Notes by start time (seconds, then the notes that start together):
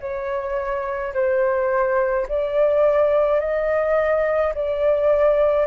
0.00 C#5
1.14 C5
2.28 D5
3.40 D#5
4.54 D5